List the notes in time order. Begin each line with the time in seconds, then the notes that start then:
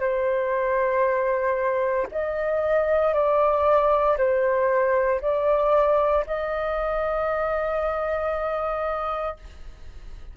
0.00 C5
2.12 D#5
3.14 D5
4.18 C5
5.21 D5
6.26 D#5